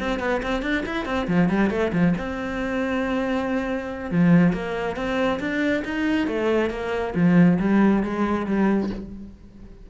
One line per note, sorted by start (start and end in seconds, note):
0.00 0.20 C4
0.20 0.42 B3
0.43 0.62 C4
0.62 0.84 D4
0.86 1.06 E4
1.06 1.27 C4
1.28 1.49 F3
1.49 1.70 G3
1.70 1.92 A3
1.93 2.14 F3
2.18 4.11 C4
4.11 4.53 F3
4.53 4.96 A#3
4.96 5.40 C4
5.40 5.83 D4
5.85 6.28 D#4
6.28 6.71 A3
6.71 7.14 A#3
7.15 7.59 F3
7.60 8.03 G3
8.03 8.46 G#3
8.46 8.90 G3